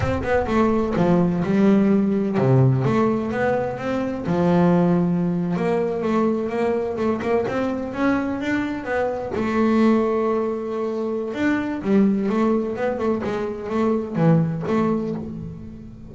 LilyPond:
\new Staff \with { instrumentName = "double bass" } { \time 4/4 \tempo 4 = 127 c'8 b8 a4 f4 g4~ | g4 c4 a4 b4 | c'4 f2~ f8. ais16~ | ais8. a4 ais4 a8 ais8 c'16~ |
c'8. cis'4 d'4 b4 a16~ | a1 | d'4 g4 a4 b8 a8 | gis4 a4 e4 a4 | }